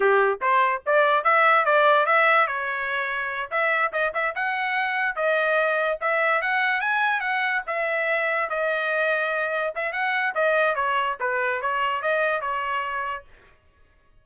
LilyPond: \new Staff \with { instrumentName = "trumpet" } { \time 4/4 \tempo 4 = 145 g'4 c''4 d''4 e''4 | d''4 e''4 cis''2~ | cis''8 e''4 dis''8 e''8 fis''4.~ | fis''8 dis''2 e''4 fis''8~ |
fis''8 gis''4 fis''4 e''4.~ | e''8 dis''2. e''8 | fis''4 dis''4 cis''4 b'4 | cis''4 dis''4 cis''2 | }